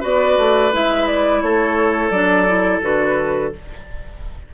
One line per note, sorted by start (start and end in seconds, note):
0.00 0.37 B3
0.00 0.71 F#4
0.00 1.40 B4
0.00 0.74 D5
0.37 0.72 A3
0.72 1.42 G#3
0.72 2.11 E4
0.72 1.07 E5
1.07 1.42 D5
1.42 2.10 A3
1.42 3.54 A4
1.42 2.11 C#5
2.10 2.80 F#3
2.10 2.47 D4
2.10 2.80 D5
2.47 2.82 E4
2.82 3.52 D3
2.82 3.52 F#4
2.82 3.53 B4